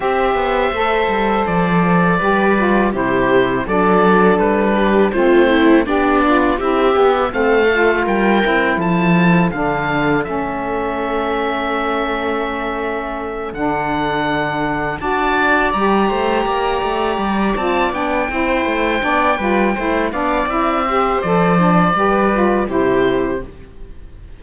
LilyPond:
<<
  \new Staff \with { instrumentName = "oboe" } { \time 4/4 \tempo 4 = 82 e''2 d''2 | c''4 d''4 b'4 c''4 | d''4 e''4 f''4 g''4 | a''4 f''4 e''2~ |
e''2~ e''8 fis''4.~ | fis''8 a''4 ais''2~ ais''8 | a''8 g''2. f''8 | e''4 d''2 c''4 | }
  \new Staff \with { instrumentName = "viola" } { \time 4/4 c''2. b'4 | g'4 a'4. g'8 f'8 e'8 | d'4 g'4 a'4 ais'4 | a'1~ |
a'1~ | a'8 d''4. c''8 d''4.~ | d''4 c''4 d''8 b'8 c''8 d''8~ | d''8 c''4. b'4 g'4 | }
  \new Staff \with { instrumentName = "saxophone" } { \time 4/4 g'4 a'2 g'8 f'8 | e'4 d'2 c'4 | g'8 f'8 e'8 g'8 c'8 f'4 e'8~ | e'4 d'4 cis'2~ |
cis'2~ cis'8 d'4.~ | d'8 fis'4 g'2~ g'8 | f'8 d'8 e'4 d'8 f'8 e'8 d'8 | e'8 g'8 a'8 d'8 g'8 f'8 e'4 | }
  \new Staff \with { instrumentName = "cello" } { \time 4/4 c'8 b8 a8 g8 f4 g4 | c4 fis4 g4 a4 | b4 c'8 b8 a4 g8 c'8 | f4 d4 a2~ |
a2~ a8 d4.~ | d8 d'4 g8 a8 ais8 a8 g8 | c'8 b8 c'8 a8 b8 g8 a8 b8 | c'4 f4 g4 c4 | }
>>